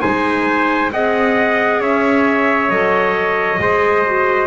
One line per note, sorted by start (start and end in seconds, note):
0.00 0.92 G#3
0.00 0.90 D#4
0.00 0.91 C5
0.00 0.90 G#5
0.92 1.80 C4
0.92 2.70 G#4
0.92 1.80 D#5
0.92 1.82 F#5
1.80 2.69 C#4
1.80 3.60 C#5
1.80 2.70 E5
2.69 3.58 F#3
2.69 3.58 A4
2.69 4.47 D#5
3.58 4.47 G#3
3.58 4.03 G#4
3.58 4.47 C5
4.06 4.47 F#4